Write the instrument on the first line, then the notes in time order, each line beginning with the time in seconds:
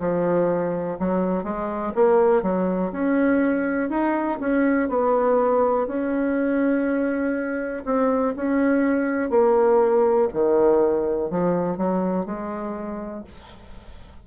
bassoon
0.00 F3
0.99 F#3
1.44 G#3
1.95 A#3
2.43 F#3
2.92 C#4
3.89 D#4
4.40 C#4
4.89 B3
5.87 C#4
7.86 C4
8.37 C#4
9.30 A#3
10.33 D#3
11.30 F3
11.78 F#3
12.26 G#3